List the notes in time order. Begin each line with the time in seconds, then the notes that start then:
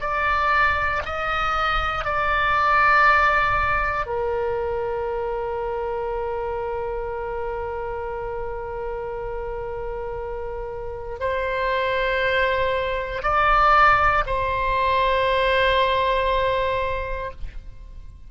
0.00 D5
1.05 D#5
2.04 D5
4.06 A#4
11.20 C5
13.22 D5
14.26 C5